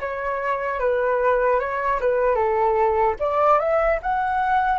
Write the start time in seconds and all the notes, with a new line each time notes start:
0.00 C#5
0.79 B4
1.59 C#5
2.00 B4
2.35 A4
3.19 D5
3.59 E5
4.02 F#5